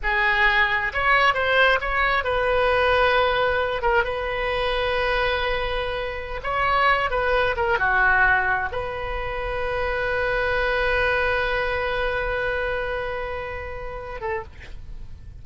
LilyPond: \new Staff \with { instrumentName = "oboe" } { \time 4/4 \tempo 4 = 133 gis'2 cis''4 c''4 | cis''4 b'2.~ | b'8 ais'8 b'2.~ | b'2~ b'16 cis''4. b'16~ |
b'8. ais'8 fis'2 b'8.~ | b'1~ | b'1~ | b'2.~ b'8 a'8 | }